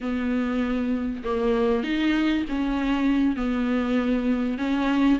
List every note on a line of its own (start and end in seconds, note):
0.01 1.23 B3
1.24 1.83 A#3
1.83 2.45 D#4
2.48 3.36 C#4
3.36 4.58 B3
4.58 5.19 C#4